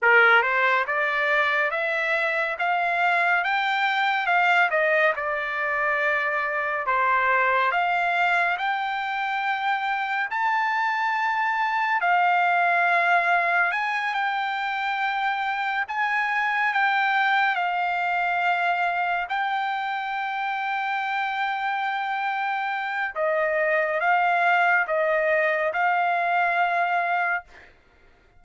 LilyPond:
\new Staff \with { instrumentName = "trumpet" } { \time 4/4 \tempo 4 = 70 ais'8 c''8 d''4 e''4 f''4 | g''4 f''8 dis''8 d''2 | c''4 f''4 g''2 | a''2 f''2 |
gis''8 g''2 gis''4 g''8~ | g''8 f''2 g''4.~ | g''2. dis''4 | f''4 dis''4 f''2 | }